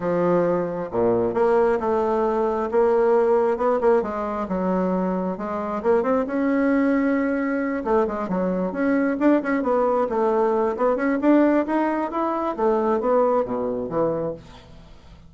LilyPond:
\new Staff \with { instrumentName = "bassoon" } { \time 4/4 \tempo 4 = 134 f2 ais,4 ais4 | a2 ais2 | b8 ais8 gis4 fis2 | gis4 ais8 c'8 cis'2~ |
cis'4. a8 gis8 fis4 cis'8~ | cis'8 d'8 cis'8 b4 a4. | b8 cis'8 d'4 dis'4 e'4 | a4 b4 b,4 e4 | }